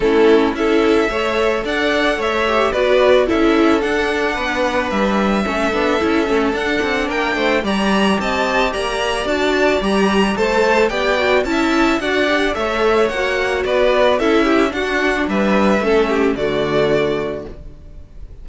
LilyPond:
<<
  \new Staff \with { instrumentName = "violin" } { \time 4/4 \tempo 4 = 110 a'4 e''2 fis''4 | e''4 d''4 e''4 fis''4~ | fis''4 e''2. | fis''4 g''4 ais''4 a''4 |
ais''4 a''4 ais''4 a''4 | g''4 a''4 fis''4 e''4 | fis''4 d''4 e''4 fis''4 | e''2 d''2 | }
  \new Staff \with { instrumentName = "violin" } { \time 4/4 e'4 a'4 cis''4 d''4 | cis''4 b'4 a'2 | b'2 a'2~ | a'4 ais'8 c''8 d''4 dis''4 |
d''2. c''4 | d''4 e''4 d''4 cis''4~ | cis''4 b'4 a'8 g'8 fis'4 | b'4 a'8 g'8 fis'2 | }
  \new Staff \with { instrumentName = "viola" } { \time 4/4 cis'4 e'4 a'2~ | a'8 g'8 fis'4 e'4 d'4~ | d'2 cis'8 d'8 e'8 cis'8 | d'2 g'2~ |
g'4 fis'4 g'4 a'4 | g'8 fis'8 e'4 fis'8 g'8 a'4 | fis'2 e'4 d'4~ | d'4 cis'4 a2 | }
  \new Staff \with { instrumentName = "cello" } { \time 4/4 a4 cis'4 a4 d'4 | a4 b4 cis'4 d'4 | b4 g4 a8 b8 cis'8 a8 | d'8 c'8 ais8 a8 g4 c'4 |
ais4 d'4 g4 a4 | b4 cis'4 d'4 a4 | ais4 b4 cis'4 d'4 | g4 a4 d2 | }
>>